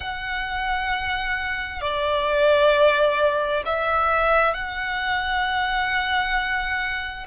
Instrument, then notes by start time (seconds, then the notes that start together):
violin
0.00 F#5
1.81 D5
3.65 E5
4.53 F#5